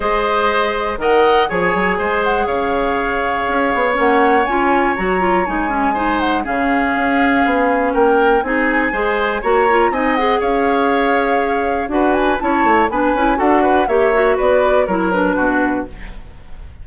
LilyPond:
<<
  \new Staff \with { instrumentName = "flute" } { \time 4/4 \tempo 4 = 121 dis''2 fis''4 gis''4~ | gis''8 fis''8 f''2. | fis''4 gis''4 ais''4 gis''4~ | gis''8 fis''8 f''2. |
g''4 gis''2 ais''4 | gis''8 fis''8 f''2. | fis''8 gis''8 a''4 gis''4 fis''4 | e''4 d''4 cis''8 b'4. | }
  \new Staff \with { instrumentName = "oboe" } { \time 4/4 c''2 dis''4 cis''4 | c''4 cis''2.~ | cis''1 | c''4 gis'2. |
ais'4 gis'4 c''4 cis''4 | dis''4 cis''2. | b'4 cis''4 b'4 a'8 b'8 | cis''4 b'4 ais'4 fis'4 | }
  \new Staff \with { instrumentName = "clarinet" } { \time 4/4 gis'2 ais'4 gis'4~ | gis'1 | cis'4 f'4 fis'8 f'8 dis'8 cis'8 | dis'4 cis'2.~ |
cis'4 dis'4 gis'4 fis'8 f'8 | dis'8 gis'2.~ gis'8 | fis'4 e'4 d'8 e'8 fis'4 | g'8 fis'4. e'8 d'4. | }
  \new Staff \with { instrumentName = "bassoon" } { \time 4/4 gis2 dis4 f8 fis8 | gis4 cis2 cis'8 b8 | ais4 cis'4 fis4 gis4~ | gis4 cis4 cis'4 b4 |
ais4 c'4 gis4 ais4 | c'4 cis'2. | d'4 cis'8 a8 b8 cis'8 d'4 | ais4 b4 fis4 b,4 | }
>>